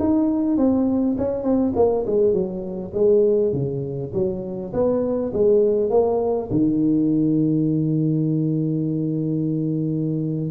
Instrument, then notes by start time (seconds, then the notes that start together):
tuba
0.00 D#4
0.58 C4
1.19 C#4
1.44 C4
1.76 A#3
2.07 G#3
2.34 F#3
2.94 G#3
3.53 C#3
4.14 F#3
4.74 B3
5.34 G#3
5.91 A#3
6.51 D#3